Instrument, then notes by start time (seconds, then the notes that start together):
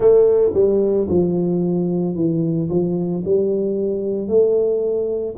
tuba
0.00 A3
0.54 G3
1.08 F3
2.15 E3
2.69 F3
3.24 G3
4.28 A3